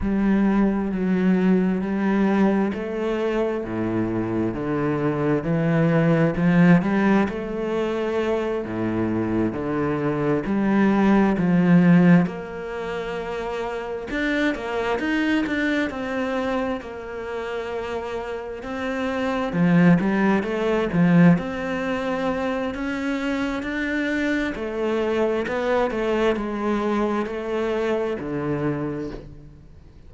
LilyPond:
\new Staff \with { instrumentName = "cello" } { \time 4/4 \tempo 4 = 66 g4 fis4 g4 a4 | a,4 d4 e4 f8 g8 | a4. a,4 d4 g8~ | g8 f4 ais2 d'8 |
ais8 dis'8 d'8 c'4 ais4.~ | ais8 c'4 f8 g8 a8 f8 c'8~ | c'4 cis'4 d'4 a4 | b8 a8 gis4 a4 d4 | }